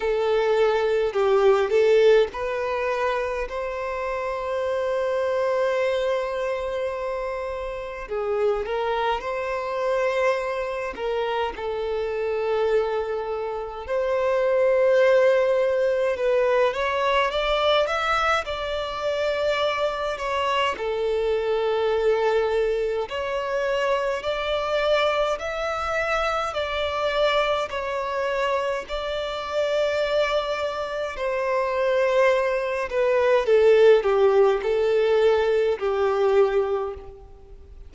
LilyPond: \new Staff \with { instrumentName = "violin" } { \time 4/4 \tempo 4 = 52 a'4 g'8 a'8 b'4 c''4~ | c''2. gis'8 ais'8 | c''4. ais'8 a'2 | c''2 b'8 cis''8 d''8 e''8 |
d''4. cis''8 a'2 | cis''4 d''4 e''4 d''4 | cis''4 d''2 c''4~ | c''8 b'8 a'8 g'8 a'4 g'4 | }